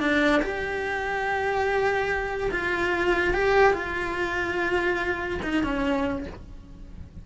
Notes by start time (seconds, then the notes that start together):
0.00 D4
0.43 G4
2.52 F4
3.34 G4
3.74 F4
5.43 D#4
5.64 C#4